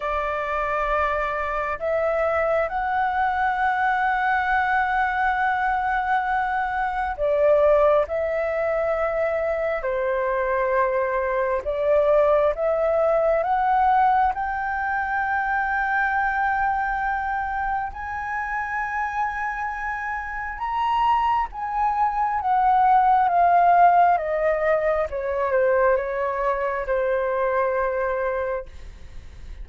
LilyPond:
\new Staff \with { instrumentName = "flute" } { \time 4/4 \tempo 4 = 67 d''2 e''4 fis''4~ | fis''1 | d''4 e''2 c''4~ | c''4 d''4 e''4 fis''4 |
g''1 | gis''2. ais''4 | gis''4 fis''4 f''4 dis''4 | cis''8 c''8 cis''4 c''2 | }